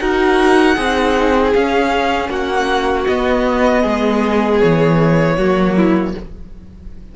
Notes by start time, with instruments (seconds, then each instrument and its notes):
0.00 cello D#4, viola F#4, violin A#4 F#5
0.76 cello C4, viola D#4, violin G#4
1.54 viola C#4, cello C#4, violin F5
2.29 cello A#3, violin F#4 F#5
3.07 cello B3, viola B3, violin D#5
3.82 cello G#3, violin G#4
4.61 cello E3, violin C#5
5.38 cello F#3, viola A#3, violin F#4
5.77 violin E4